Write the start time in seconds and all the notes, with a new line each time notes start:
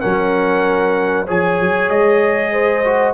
0.00 F#3 C#4 A#4 F#5
1.26 F3 G#4 C#5 G#5
1.60 F#3
1.89 G#3 D#5
2.52 C5
2.84 F#4